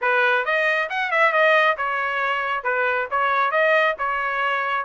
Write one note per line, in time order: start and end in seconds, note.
0.01 0.45 B4
0.45 0.89 D#5
0.89 1.11 F#5
1.11 1.32 E5
1.32 1.76 D#5
1.77 2.63 C#5
2.63 3.07 B4
3.10 3.51 C#5
3.51 3.95 D#5
3.98 4.85 C#5